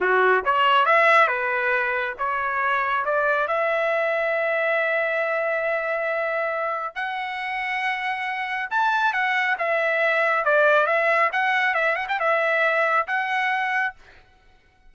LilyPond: \new Staff \with { instrumentName = "trumpet" } { \time 4/4 \tempo 4 = 138 fis'4 cis''4 e''4 b'4~ | b'4 cis''2 d''4 | e''1~ | e''1 |
fis''1 | a''4 fis''4 e''2 | d''4 e''4 fis''4 e''8 fis''16 g''16 | e''2 fis''2 | }